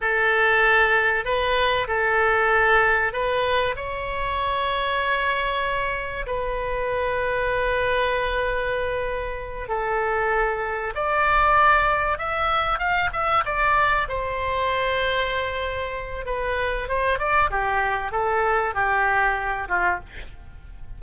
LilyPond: \new Staff \with { instrumentName = "oboe" } { \time 4/4 \tempo 4 = 96 a'2 b'4 a'4~ | a'4 b'4 cis''2~ | cis''2 b'2~ | b'2.~ b'8 a'8~ |
a'4. d''2 e''8~ | e''8 f''8 e''8 d''4 c''4.~ | c''2 b'4 c''8 d''8 | g'4 a'4 g'4. f'8 | }